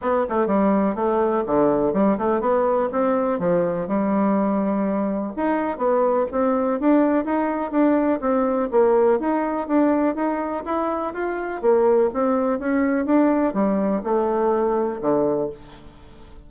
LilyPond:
\new Staff \with { instrumentName = "bassoon" } { \time 4/4 \tempo 4 = 124 b8 a8 g4 a4 d4 | g8 a8 b4 c'4 f4 | g2. dis'4 | b4 c'4 d'4 dis'4 |
d'4 c'4 ais4 dis'4 | d'4 dis'4 e'4 f'4 | ais4 c'4 cis'4 d'4 | g4 a2 d4 | }